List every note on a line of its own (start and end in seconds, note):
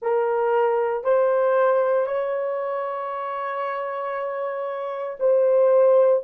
0.01 1.03 A#4
1.03 2.06 C5
2.06 5.16 C#5
5.19 6.23 C5